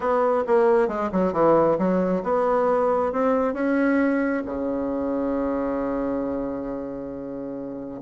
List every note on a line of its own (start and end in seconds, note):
0.00 0.44 B3
0.46 0.87 A#3
0.87 1.10 G#3
1.12 1.33 F#3
1.33 1.77 E3
1.78 2.22 F#3
2.23 3.12 B3
3.12 3.53 C4
3.53 4.42 C#4
4.45 8.01 C#3